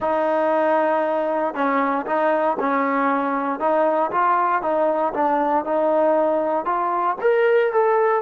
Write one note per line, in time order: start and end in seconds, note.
0.00 1.54 D#4
1.54 2.05 C#4
2.06 2.57 D#4
2.59 3.59 C#4
3.59 4.10 D#4
4.11 4.62 F4
4.62 5.13 D#4
5.13 5.64 D4
5.64 6.65 D#4
6.65 7.16 F4
7.21 7.72 A#4
7.72 8.21 A4